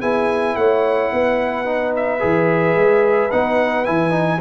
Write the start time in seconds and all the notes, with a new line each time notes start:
0.00 B3 E4 G#4 G#5
0.56 A3 C#5 F#5
1.13 B3 B4
1.65 D#4
1.96 E5
2.20 E3 G#4
2.75 G#3
3.31 B3 D#4 F#5
3.85 E3 E4 G#5
4.11 D#4